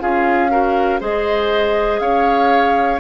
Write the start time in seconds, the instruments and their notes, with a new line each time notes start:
0.00 bassoon C#4, clarinet F4, oboe G#4, flute F5
0.50 clarinet F#4, oboe A#4
1.00 bassoon G#3, clarinet G#4, oboe C5, flute D#5
2.00 bassoon C#4, oboe C#5, flute F5